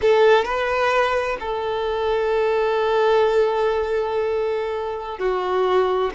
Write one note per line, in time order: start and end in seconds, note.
0.01 0.44 A4
0.44 1.37 B4
1.40 5.18 A4
5.18 6.10 F#4